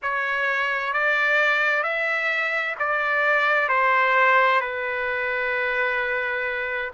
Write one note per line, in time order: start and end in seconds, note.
0.02 0.93 C#5
0.93 1.83 D5
1.83 2.75 E5
2.79 3.68 D5
3.68 4.60 C5
4.60 6.91 B4